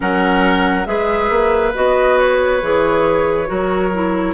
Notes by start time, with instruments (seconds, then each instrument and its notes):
0.00 bassoon F#3, clarinet C#4, oboe A#4, flute F#5
0.85 bassoon G#3, clarinet G#4, oboe B4, flute E5
1.29 bassoon A#3
1.74 bassoon B3, clarinet F#4, flute D#5
2.18 flute C#5
2.61 bassoon E3, clarinet G#4
3.46 bassoon F#3, clarinet F#4, oboe A#4
3.93 clarinet E4